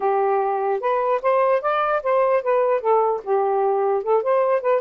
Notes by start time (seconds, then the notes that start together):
0.00 G4
0.80 B4
1.22 C5
1.61 D5
2.02 C5
2.42 B4
2.81 A4
3.23 G4
4.03 A4
4.22 C5
4.61 B4